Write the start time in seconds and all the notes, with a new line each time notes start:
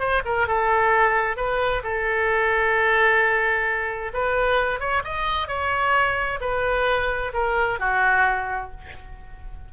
0.00 C5
0.25 A#4
0.48 A4
1.37 B4
1.84 A4
4.14 B4
4.80 C#5
5.04 D#5
5.48 C#5
6.41 B4
7.34 A#4
7.80 F#4